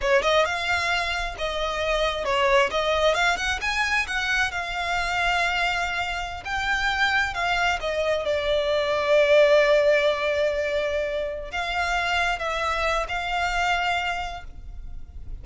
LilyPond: \new Staff \with { instrumentName = "violin" } { \time 4/4 \tempo 4 = 133 cis''8 dis''8 f''2 dis''4~ | dis''4 cis''4 dis''4 f''8 fis''8 | gis''4 fis''4 f''2~ | f''2~ f''16 g''4.~ g''16~ |
g''16 f''4 dis''4 d''4.~ d''16~ | d''1~ | d''4. f''2 e''8~ | e''4 f''2. | }